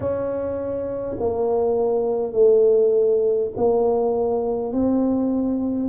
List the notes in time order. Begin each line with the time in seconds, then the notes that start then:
0.00 C#4
1.19 A#3
2.32 A3
3.56 A#3
4.72 C4